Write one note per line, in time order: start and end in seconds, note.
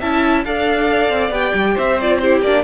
0.00 0.46 C#4
0.00 0.46 E4
0.00 0.44 E5
0.00 0.45 A5
0.45 1.10 D4
0.45 1.32 A4
0.45 1.74 D5
0.45 1.34 F5
1.10 1.30 C4
1.30 1.52 B3
1.30 1.98 G4
1.30 1.78 G5
1.55 1.77 G3
1.74 2.42 C4
1.74 2.19 C5
1.74 2.01 E5
2.02 2.23 F4
2.02 2.19 D5
2.19 2.45 E4
2.19 2.64 G4
2.19 2.41 C5
2.42 2.64 A#3
2.42 2.64 D4
2.42 2.64 D5